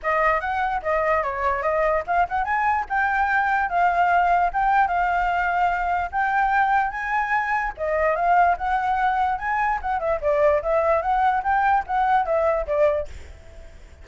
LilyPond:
\new Staff \with { instrumentName = "flute" } { \time 4/4 \tempo 4 = 147 dis''4 fis''4 dis''4 cis''4 | dis''4 f''8 fis''8 gis''4 g''4~ | g''4 f''2 g''4 | f''2. g''4~ |
g''4 gis''2 dis''4 | f''4 fis''2 gis''4 | fis''8 e''8 d''4 e''4 fis''4 | g''4 fis''4 e''4 d''4 | }